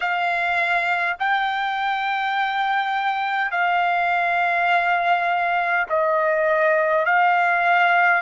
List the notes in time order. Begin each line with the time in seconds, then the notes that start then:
0.00 F5
1.19 G5
3.51 F5
5.89 D#5
7.05 F5